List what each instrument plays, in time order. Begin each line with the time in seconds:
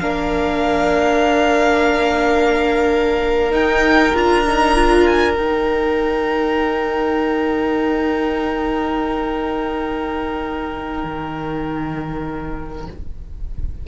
0.00 cello A#3, viola D4, violin A#4 F5
3.51 viola D#4, cello D#4, violin G5
4.14 cello D4, viola F4, violin A#5
4.47 viola D#4
4.76 viola F4
5.07 violin G#5
5.35 viola D#4, cello D#4, violin G5
11.04 cello D#3